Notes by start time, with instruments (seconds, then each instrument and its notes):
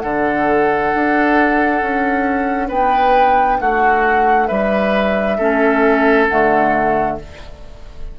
0.00 bassoon D3, clarinet D4, oboe A4, flute F#5
0.95 bassoon D4
1.82 bassoon C#4
2.68 bassoon B3, oboe B4, flute G5
3.60 bassoon A3, oboe F#4, flute F#5
4.48 bassoon G3, oboe B4, flute E5
5.38 bassoon A3, clarinet C#4, oboe A4
6.29 bassoon D3, clarinet A3, flute F#5